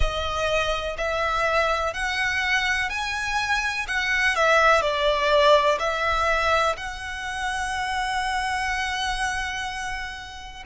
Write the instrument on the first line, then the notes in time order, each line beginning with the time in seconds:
violin
0.00 D#5
0.97 E5
1.93 F#5
2.89 G#5
3.87 F#5
4.35 E5
4.81 D5
5.78 E5
6.76 F#5